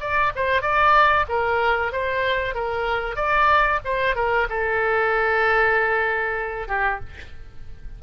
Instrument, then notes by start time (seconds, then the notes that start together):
oboe
0.00 D5
0.35 C5
0.62 D5
1.29 A#4
1.92 C5
2.54 A#4
3.16 D5
3.84 C5
4.15 A#4
4.49 A4
6.68 G4